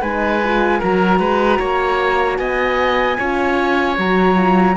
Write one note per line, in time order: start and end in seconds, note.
0.00 0.80 G#3
0.00 0.41 D#4
0.00 0.79 B4
0.00 0.80 G#5
0.43 0.82 F4
0.79 1.19 F#3
0.79 3.19 F#4
0.79 1.18 A#4
0.79 2.37 A#5
1.19 1.58 G#3
1.19 1.59 B4
1.59 2.38 A#3
1.59 2.37 C#5
2.37 3.17 B3
2.37 3.17 D#5
2.37 3.95 G#5
3.17 3.98 C#4
3.17 3.96 F4
3.17 4.75 C#5
3.96 4.76 F#3
3.96 4.35 F#4
3.96 4.76 A#5
4.35 4.75 F4